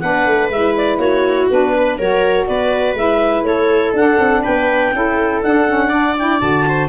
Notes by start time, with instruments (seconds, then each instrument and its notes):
0.00 tuba B3, saxophone D4, viola B4, clarinet F#5
0.26 tuba A3
0.49 tuba G#3, saxophone E4, clarinet E5
0.76 clarinet D5
0.98 tuba A#3, viola F#4, clarinet C#5
1.50 tuba B3, saxophone D4, clarinet B4
1.76 viola B4
1.98 tuba F#3, saxophone F#4, viola A#4, clarinet C#5
2.47 tuba B3, viola B4, clarinet D5
2.93 tuba G#3, saxophone E4, clarinet E5
3.42 tuba A3, viola A4, clarinet C#5
3.93 tuba D4, saxophone D4, clarinet F#5
4.19 tuba C4
4.43 tuba B3, viola B4, clarinet G5
4.93 tuba C#4, saxophone E4, viola A4
5.43 tuba D4, saxophone D4, clarinet F#5
5.68 saxophone C#4
5.89 saxophone D4, viola D5
6.18 saxophone E4, clarinet G5
6.40 tuba D3, saxophone F#4, clarinet A5
6.68 viola C5